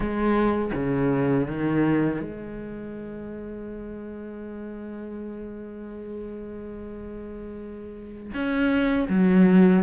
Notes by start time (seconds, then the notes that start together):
0.00 G#3
0.74 C#3
1.47 D#3
2.20 G#3
8.33 C#4
9.09 F#3